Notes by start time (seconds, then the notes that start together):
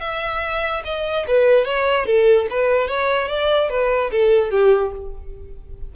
0.00 E5
0.84 D#5
1.27 B4
1.65 C#5
2.05 A4
2.50 B4
2.87 C#5
3.28 D5
3.69 B4
4.11 A4
4.50 G4